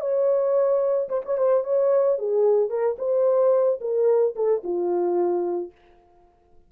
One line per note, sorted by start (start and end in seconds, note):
0.00 1.08 C#5
1.08 1.22 C5
1.25 1.37 C#5
1.37 1.64 C5
1.64 2.18 C#5
2.18 2.69 G#4
2.69 2.96 A#4
2.98 3.79 C5
3.80 4.34 A#4
4.35 4.62 A4
4.63 5.71 F4